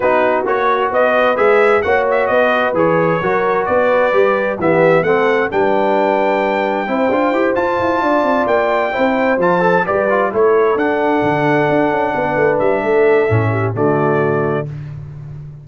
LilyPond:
<<
  \new Staff \with { instrumentName = "trumpet" } { \time 4/4 \tempo 4 = 131 b'4 cis''4 dis''4 e''4 | fis''8 e''8 dis''4 cis''2 | d''2 e''4 fis''4 | g''1~ |
g''8 a''2 g''4.~ | g''8 a''4 d''4 cis''4 fis''8~ | fis''2.~ fis''8 e''8~ | e''2 d''2 | }
  \new Staff \with { instrumentName = "horn" } { \time 4/4 fis'2 b'2 | cis''4 b'2 ais'4 | b'2 g'4 a'4 | b'2. c''4~ |
c''4. d''2 c''8~ | c''4. b'4 a'4.~ | a'2~ a'8 b'4. | a'4. g'8 fis'2 | }
  \new Staff \with { instrumentName = "trombone" } { \time 4/4 dis'4 fis'2 gis'4 | fis'2 gis'4 fis'4~ | fis'4 g'4 b4 c'4 | d'2. e'8 f'8 |
g'8 f'2. e'8~ | e'8 f'8 a'8 g'8 f'8 e'4 d'8~ | d'1~ | d'4 cis'4 a2 | }
  \new Staff \with { instrumentName = "tuba" } { \time 4/4 b4 ais4 b4 gis4 | ais4 b4 e4 fis4 | b4 g4 e4 a4 | g2. c'8 d'8 |
e'8 f'8 e'8 d'8 c'8 ais4 c'8~ | c'8 f4 g4 a4 d'8~ | d'8 d4 d'8 cis'8 b8 a8 g8 | a4 a,4 d2 | }
>>